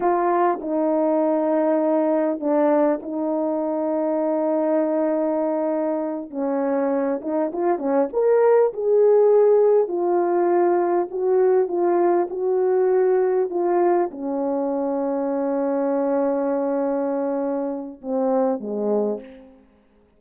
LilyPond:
\new Staff \with { instrumentName = "horn" } { \time 4/4 \tempo 4 = 100 f'4 dis'2. | d'4 dis'2.~ | dis'2~ dis'8 cis'4. | dis'8 f'8 cis'8 ais'4 gis'4.~ |
gis'8 f'2 fis'4 f'8~ | f'8 fis'2 f'4 cis'8~ | cis'1~ | cis'2 c'4 gis4 | }